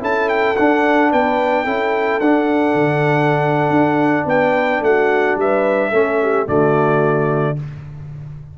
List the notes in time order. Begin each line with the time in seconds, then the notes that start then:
0.00 C#4 E4 A4 A5
0.29 G5
0.56 D4 F#5
1.11 B3 B4 G5
1.64 C#4 E4 A4
2.20 D4 F#5
2.74 D3
3.70 D4
4.25 B3 B4 G5
4.81 A3 F#4 F#5
5.36 G3 B4 E5
5.90 A3 C#4 A4
6.22 G4
6.46 D3 A3 F#4 D5